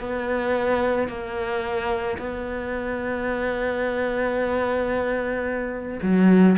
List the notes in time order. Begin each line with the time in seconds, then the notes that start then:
0.00 B3
1.08 A#3
2.18 B3
6.02 F#3